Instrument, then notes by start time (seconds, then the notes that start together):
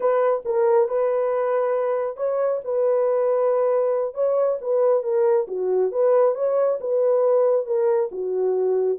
horn
0.00 B4
0.45 A#4
0.88 B4
2.16 C#5
2.64 B4
4.14 C#5
4.61 B4
5.03 A#4
5.47 F#4
5.91 B4
6.35 C#5
6.80 B4
7.65 A#4
8.11 F#4